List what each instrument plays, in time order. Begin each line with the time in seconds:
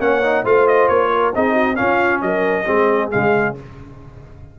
0.00 tuba A#3, trombone C#4, horn C#5, trumpet F#5
0.23 trombone D#4
0.43 tuba A3, trombone F4, horn C5, trumpet F5
0.67 trumpet D#5
0.88 tuba A#3, trumpet C#5
1.13 horn A#4
1.35 tuba C4, trombone D#4, horn G#4, trumpet D#5
1.53 horn F#4
1.76 trombone C#4, tuba C#4, horn F4, trumpet F5
2.22 tuba F#3, horn A#4, trumpet D#5
2.66 tuba G#3, trombone C4, horn G#4
3.11 tuba C#3, trombone G#3, trumpet F5